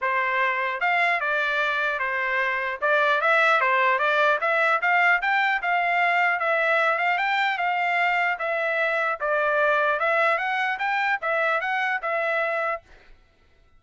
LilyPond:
\new Staff \with { instrumentName = "trumpet" } { \time 4/4 \tempo 4 = 150 c''2 f''4 d''4~ | d''4 c''2 d''4 | e''4 c''4 d''4 e''4 | f''4 g''4 f''2 |
e''4. f''8 g''4 f''4~ | f''4 e''2 d''4~ | d''4 e''4 fis''4 g''4 | e''4 fis''4 e''2 | }